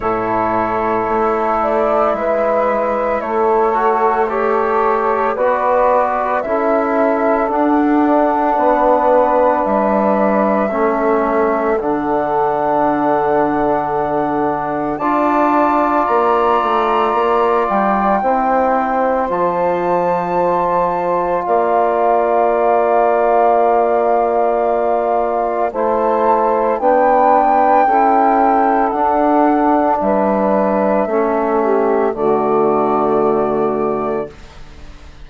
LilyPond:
<<
  \new Staff \with { instrumentName = "flute" } { \time 4/4 \tempo 4 = 56 cis''4. d''8 e''4 cis''4 | a'4 d''4 e''4 fis''4~ | fis''4 e''2 fis''4~ | fis''2 a''4 ais''4~ |
ais''8 g''4. a''2 | f''1 | a''4 g''2 fis''4 | e''2 d''2 | }
  \new Staff \with { instrumentName = "saxophone" } { \time 4/4 a'2 b'4 a'4 | cis''4 b'4 a'2 | b'2 a'2~ | a'2 d''2~ |
d''4 c''2. | d''1 | c''4 b'4 a'2 | b'4 a'8 g'8 fis'2 | }
  \new Staff \with { instrumentName = "trombone" } { \time 4/4 e'2.~ e'8 fis'8 | g'4 fis'4 e'4 d'4~ | d'2 cis'4 d'4~ | d'2 f'2~ |
f'4 e'4 f'2~ | f'1 | e'4 d'4 e'4 d'4~ | d'4 cis'4 a2 | }
  \new Staff \with { instrumentName = "bassoon" } { \time 4/4 a,4 a4 gis4 a4~ | a4 b4 cis'4 d'4 | b4 g4 a4 d4~ | d2 d'4 ais8 a8 |
ais8 g8 c'4 f2 | ais1 | a4 b4 cis'4 d'4 | g4 a4 d2 | }
>>